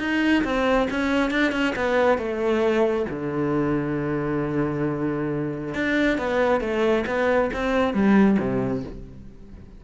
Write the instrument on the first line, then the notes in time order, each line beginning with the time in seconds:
cello
0.00 D#4
0.44 C4
0.91 C#4
1.31 D4
1.52 C#4
1.76 B3
2.18 A3
3.10 D3
5.75 D4
6.19 B3
6.61 A3
7.07 B3
7.53 C4
7.94 G3
8.39 C3